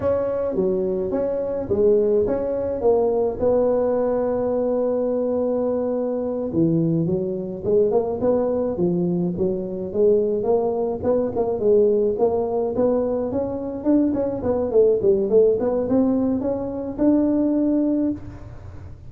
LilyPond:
\new Staff \with { instrumentName = "tuba" } { \time 4/4 \tempo 4 = 106 cis'4 fis4 cis'4 gis4 | cis'4 ais4 b2~ | b2.~ b8 e8~ | e8 fis4 gis8 ais8 b4 f8~ |
f8 fis4 gis4 ais4 b8 | ais8 gis4 ais4 b4 cis'8~ | cis'8 d'8 cis'8 b8 a8 g8 a8 b8 | c'4 cis'4 d'2 | }